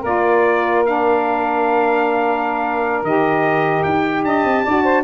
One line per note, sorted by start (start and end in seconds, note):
0.00 3.03 A#3
0.00 0.85 F4
0.00 4.20 A#4
0.00 0.85 D5
0.85 3.05 D4
0.85 3.04 F5
3.03 3.83 D#3
3.03 4.66 G4
3.03 3.83 D#5
3.83 4.24 D#4
3.83 4.23 G5
4.24 4.44 D4
4.24 4.64 D#5
4.24 5.04 A5
4.45 4.65 C4
4.64 5.04 D4
4.64 5.04 F#4
4.64 4.83 D5
4.83 5.03 C5